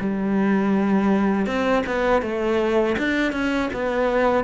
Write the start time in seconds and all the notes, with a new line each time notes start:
0.00 G3
1.46 C4
1.87 B3
2.22 A3
2.98 D4
3.32 C#4
3.73 B3